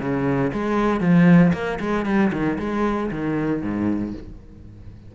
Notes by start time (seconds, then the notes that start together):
0.00 C#3
0.53 G#3
1.01 F3
1.53 A#3
1.80 G#3
2.06 G3
2.32 D#3
2.59 G#3
3.11 D#3
3.62 G#2